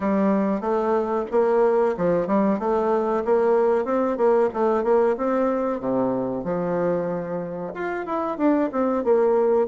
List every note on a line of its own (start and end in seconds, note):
0.00 0.60 G3
0.60 1.25 A3
1.31 1.95 A#3
1.97 2.27 F3
2.27 2.59 G3
2.59 3.23 A3
3.24 3.84 A#3
3.84 4.17 C4
4.17 4.49 A#3
4.53 4.83 A3
4.83 5.16 A#3
5.17 5.79 C4
5.79 6.43 C3
6.43 7.72 F3
7.74 8.06 F4
8.06 8.37 E4
8.37 8.69 D4
8.72 9.04 C4
9.04 9.67 A#3